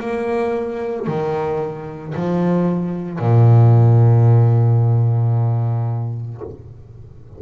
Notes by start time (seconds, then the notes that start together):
0.00 A#3
1.07 D#3
2.14 F3
3.19 A#2